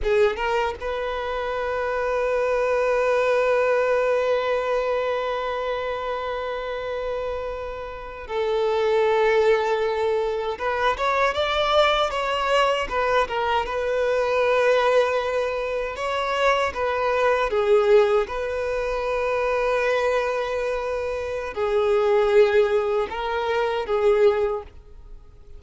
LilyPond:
\new Staff \with { instrumentName = "violin" } { \time 4/4 \tempo 4 = 78 gis'8 ais'8 b'2.~ | b'1~ | b'2~ b'8. a'4~ a'16~ | a'4.~ a'16 b'8 cis''8 d''4 cis''16~ |
cis''8. b'8 ais'8 b'2~ b'16~ | b'8. cis''4 b'4 gis'4 b'16~ | b'1 | gis'2 ais'4 gis'4 | }